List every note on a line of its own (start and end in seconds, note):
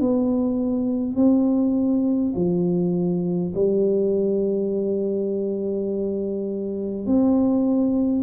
0.00 1.16 B3
1.16 2.33 C4
2.35 3.52 F3
3.55 7.06 G3
7.06 8.22 C4